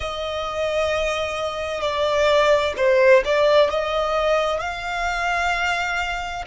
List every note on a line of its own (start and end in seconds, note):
0.00 1.81 D#5
1.81 2.73 D5
2.77 3.23 C5
3.24 3.70 D5
3.70 4.59 D#5
4.59 6.44 F5